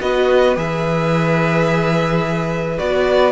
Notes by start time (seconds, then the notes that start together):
0.00 B3 F#4 B4 D#5
0.55 E3 G#4 E5
2.78 B3 F#4 D5